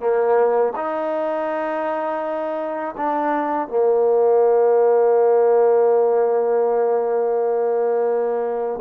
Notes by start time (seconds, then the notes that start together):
0.00 A#3
0.76 D#4
2.97 D4
3.68 A#3